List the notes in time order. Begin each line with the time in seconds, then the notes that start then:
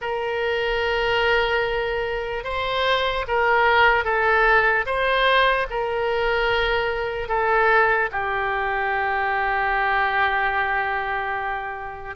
0.01 A#4
2.44 C5
3.27 A#4
4.04 A4
4.85 C5
5.70 A#4
7.28 A4
8.11 G4